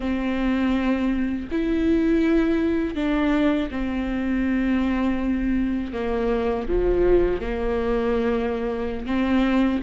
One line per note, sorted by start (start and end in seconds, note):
0.00 1.48 C4
1.51 2.95 E4
2.95 3.69 D4
3.70 5.93 C4
5.93 6.67 A#3
6.68 7.41 F3
7.41 9.06 A#3
9.06 9.80 C4